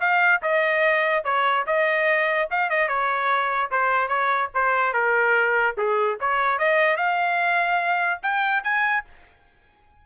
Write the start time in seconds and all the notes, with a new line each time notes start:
0.00 F5
0.42 D#5
1.24 C#5
1.66 D#5
2.50 F5
2.70 D#5
2.88 C#5
3.71 C5
4.08 C#5
4.54 C5
4.93 A#4
5.77 G#4
6.20 C#5
6.58 D#5
6.96 F5
8.22 G5
8.63 G#5